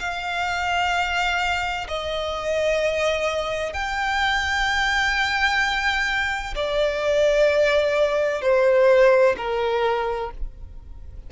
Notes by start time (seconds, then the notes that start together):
0.00 F5
1.88 D#5
3.74 G5
6.56 D5
8.42 C5
9.37 A#4